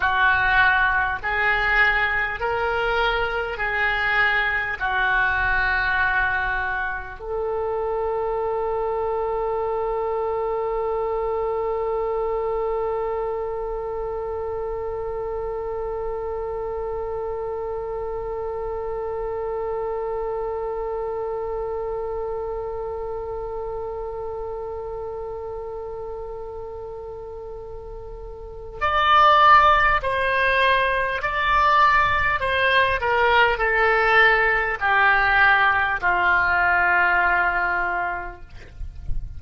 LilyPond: \new Staff \with { instrumentName = "oboe" } { \time 4/4 \tempo 4 = 50 fis'4 gis'4 ais'4 gis'4 | fis'2 a'2~ | a'1~ | a'1~ |
a'1~ | a'1 | d''4 c''4 d''4 c''8 ais'8 | a'4 g'4 f'2 | }